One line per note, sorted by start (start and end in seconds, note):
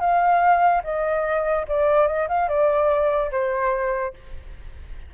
0.00 0.82 F5
0.84 1.66 D#5
1.68 2.08 D5
2.08 2.28 D#5
2.29 2.49 F5
2.49 3.31 D5
3.32 4.14 C5